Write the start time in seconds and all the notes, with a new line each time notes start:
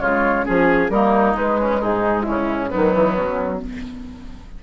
0.00 C#3 G#3 F4 C#5
0.45 F3 C#4 G#4
0.89 G3 A#3 D#4 A#4
1.34 G#3 B4
1.60 C#4
1.80 G#2 D#4 G#4
2.22 C#4 E4
2.29 C#3
2.69 F#3 B3 D#4
2.77 D#3
2.94 E3
3.15 F#3 C#4